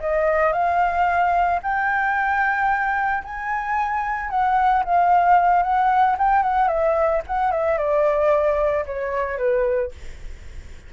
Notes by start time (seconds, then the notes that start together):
0.00 D#5
0.53 F5
1.63 G5
3.24 G#5
4.30 F#5
4.85 F5
5.63 F#5
6.19 G5
6.43 F#5
6.68 E5
7.27 F#5
7.52 E5
7.78 D5
8.86 C#5
9.38 B4